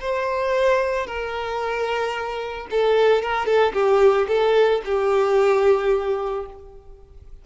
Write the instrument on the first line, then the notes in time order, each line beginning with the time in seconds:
violin
0.00 C5
1.06 A#4
2.70 A4
3.22 A#4
3.46 A4
3.73 G4
4.28 A4
4.85 G4